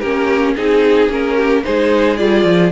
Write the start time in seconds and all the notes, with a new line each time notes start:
0.00 A#3 C#4 G4 A#4
0.56 C4 D#4 G#4
1.08 A#3 C#4 A#4
1.36 G4
1.64 G#3 D#4 G#4 C5
2.16 G3 F4 D5
2.44 F3